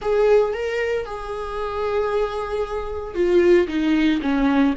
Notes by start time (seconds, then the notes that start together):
0.01 G#4
0.53 A#4
1.05 G#4
3.14 F4
3.67 D#4
4.21 C#4